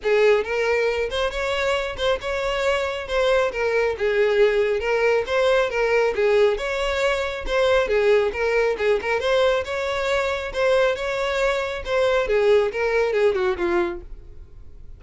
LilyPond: \new Staff \with { instrumentName = "violin" } { \time 4/4 \tempo 4 = 137 gis'4 ais'4. c''8 cis''4~ | cis''8 c''8 cis''2 c''4 | ais'4 gis'2 ais'4 | c''4 ais'4 gis'4 cis''4~ |
cis''4 c''4 gis'4 ais'4 | gis'8 ais'8 c''4 cis''2 | c''4 cis''2 c''4 | gis'4 ais'4 gis'8 fis'8 f'4 | }